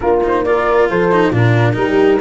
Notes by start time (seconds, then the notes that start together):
0.00 A#3 D4 F4 A#4
0.23 D#4 C5
0.44 F4 A#4 D5
0.89 F3 A4 C5
1.11 D#4
1.30 A#2 D4 F4 A#4
1.73 G3 D#4 G4